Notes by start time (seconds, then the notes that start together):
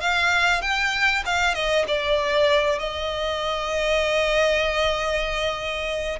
0.00 F5
0.61 G5
1.25 F5
1.54 D#5
1.87 D5
2.79 D#5